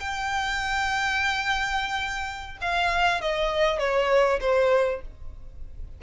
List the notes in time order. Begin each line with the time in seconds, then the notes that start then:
0.00 G5
2.61 F5
3.21 D#5
3.79 C#5
4.40 C5